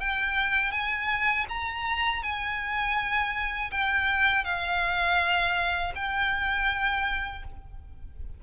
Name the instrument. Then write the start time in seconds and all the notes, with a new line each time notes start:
violin
0.00 G5
0.71 G#5
1.48 A#5
2.23 G#5
3.71 G5
4.44 F5
5.95 G5